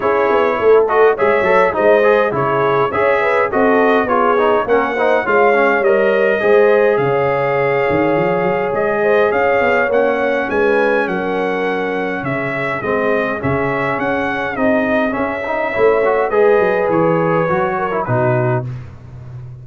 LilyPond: <<
  \new Staff \with { instrumentName = "trumpet" } { \time 4/4 \tempo 4 = 103 cis''4. dis''8 e''4 dis''4 | cis''4 e''4 dis''4 cis''4 | fis''4 f''4 dis''2 | f''2. dis''4 |
f''4 fis''4 gis''4 fis''4~ | fis''4 e''4 dis''4 e''4 | fis''4 dis''4 e''2 | dis''4 cis''2 b'4 | }
  \new Staff \with { instrumentName = "horn" } { \time 4/4 gis'4 a'4 cis''4 c''4 | gis'4 cis''8 b'8 a'4 gis'4 | ais'8 c''8 cis''2 c''4 | cis''2.~ cis''8 c''8 |
cis''2 b'4 ais'4~ | ais'4 gis'2.~ | gis'2. cis''4 | b'2~ b'8 ais'8 fis'4 | }
  \new Staff \with { instrumentName = "trombone" } { \time 4/4 e'4. fis'8 gis'8 a'8 dis'8 gis'8 | e'4 gis'4 fis'4 f'8 dis'8 | cis'8 dis'8 f'8 cis'8 ais'4 gis'4~ | gis'1~ |
gis'4 cis'2.~ | cis'2 c'4 cis'4~ | cis'4 dis'4 cis'8 dis'8 e'8 fis'8 | gis'2 fis'8. e'16 dis'4 | }
  \new Staff \with { instrumentName = "tuba" } { \time 4/4 cis'8 b8 a4 gis8 fis8 gis4 | cis4 cis'4 c'4 b4 | ais4 gis4 g4 gis4 | cis4. dis8 f8 fis8 gis4 |
cis'8 b8 ais4 gis4 fis4~ | fis4 cis4 gis4 cis4 | cis'4 c'4 cis'4 a4 | gis8 fis8 e4 fis4 b,4 | }
>>